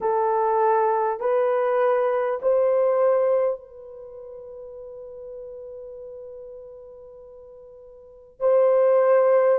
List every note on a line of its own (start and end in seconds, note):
0.01 1.19 A4
1.19 2.39 B4
2.42 3.60 C5
3.60 8.39 B4
8.39 9.59 C5